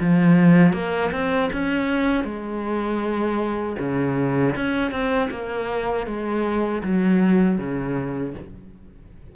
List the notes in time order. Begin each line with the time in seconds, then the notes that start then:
0.00 F3
0.73 A#3
1.12 C4
1.53 C#4
2.24 G#3
3.79 C#3
4.56 C#4
4.91 C4
5.31 A#3
6.06 G#3
6.83 F#3
7.58 C#3